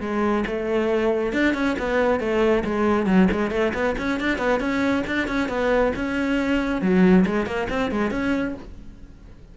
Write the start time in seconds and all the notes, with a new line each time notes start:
0.00 G#3
0.46 A3
1.32 D4
1.53 C#4
1.78 B3
2.19 A3
2.64 G#3
3.06 F#3
3.31 G#3
3.50 A3
3.73 B3
3.98 C#4
4.20 D4
4.38 B3
4.59 C#4
5.06 D4
5.27 C#4
5.48 B3
5.95 C#4
6.81 F#3
7.26 G#3
7.45 A#3
7.69 C4
7.91 G#3
8.10 C#4